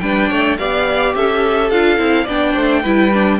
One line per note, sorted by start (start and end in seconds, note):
0.00 0.30 G3
0.00 0.59 D4
0.00 0.29 B4
0.00 0.57 G5
0.29 0.59 A3
0.29 0.58 C#5
0.58 1.15 B3
0.58 1.72 G4
0.58 1.16 D5
0.58 1.15 F5
1.15 1.71 C#4
1.15 2.24 A4
1.15 1.71 E5
1.71 1.98 D4
1.71 1.98 F4
1.71 2.27 F5
1.98 2.27 C4
1.98 2.26 E4
2.24 2.56 B3
2.24 2.84 D4
2.24 2.52 D5
2.24 3.40 G5
2.53 2.84 A3
2.53 2.81 C5
2.82 3.40 G3
2.82 3.12 E4
2.82 3.38 B4
3.13 3.40 D4